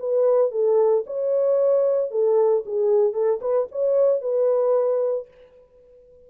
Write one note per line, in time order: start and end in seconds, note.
0.00 0.52 B4
0.52 1.05 A4
1.07 2.11 C#5
2.11 2.65 A4
2.66 3.14 G#4
3.14 3.40 A4
3.42 3.68 B4
3.72 4.22 C#5
4.22 5.28 B4